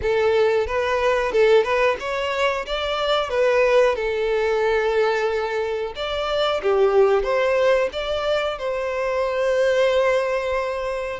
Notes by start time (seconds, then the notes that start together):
0.02 A4
0.66 B4
1.32 A4
1.63 B4
1.99 C#5
2.66 D5
3.29 B4
3.95 A4
5.95 D5
6.62 G4
7.23 C5
7.92 D5
8.58 C5